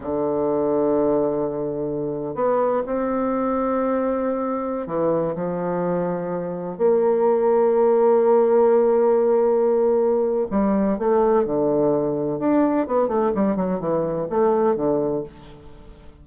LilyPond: \new Staff \with { instrumentName = "bassoon" } { \time 4/4 \tempo 4 = 126 d1~ | d4 b4 c'2~ | c'2~ c'16 e4 f8.~ | f2~ f16 ais4.~ ais16~ |
ais1~ | ais2 g4 a4 | d2 d'4 b8 a8 | g8 fis8 e4 a4 d4 | }